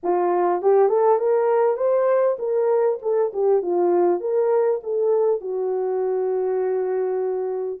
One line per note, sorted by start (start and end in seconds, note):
0.03 0.62 F4
0.62 0.88 G4
0.88 1.18 A4
1.18 1.76 A#4
1.76 2.36 C5
2.38 2.98 A#4
3.02 3.32 A4
3.33 3.62 G4
3.62 4.20 F4
4.20 4.80 A#4
4.83 5.40 A4
5.40 7.80 F#4